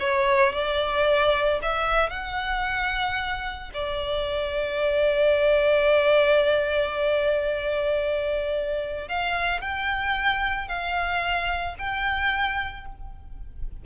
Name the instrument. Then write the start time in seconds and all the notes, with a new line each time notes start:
violin
0.00 C#5
0.53 D5
1.62 E5
2.10 F#5
3.74 D5
9.09 F5
9.61 G5
10.69 F5
11.79 G5